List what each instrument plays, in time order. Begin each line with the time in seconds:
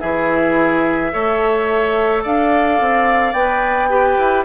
0.00 bassoon E3, clarinet E4, oboe G#4, flute E5
1.12 bassoon A3, clarinet A4, oboe C#5
2.23 bassoon D4, oboe D5, flute F5
2.80 bassoon C4
3.33 bassoon B3, clarinet B4, flute G5
3.90 clarinet G4, oboe B4
4.18 bassoon E4